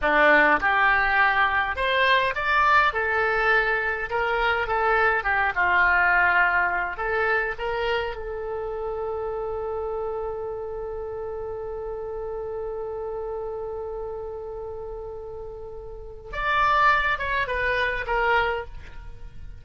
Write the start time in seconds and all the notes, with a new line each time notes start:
0.01 D4
0.60 G4
1.76 C5
2.35 D5
2.93 A4
4.09 A#4
4.67 A4
5.23 G4
5.55 F4
6.96 A4
7.58 A#4
8.16 A4
16.32 D5
17.18 C#5
17.47 B4
18.06 A#4